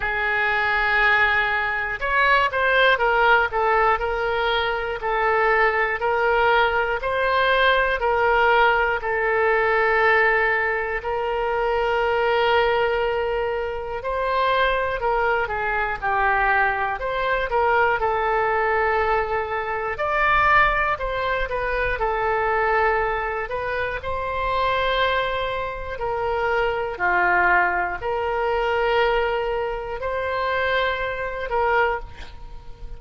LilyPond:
\new Staff \with { instrumentName = "oboe" } { \time 4/4 \tempo 4 = 60 gis'2 cis''8 c''8 ais'8 a'8 | ais'4 a'4 ais'4 c''4 | ais'4 a'2 ais'4~ | ais'2 c''4 ais'8 gis'8 |
g'4 c''8 ais'8 a'2 | d''4 c''8 b'8 a'4. b'8 | c''2 ais'4 f'4 | ais'2 c''4. ais'8 | }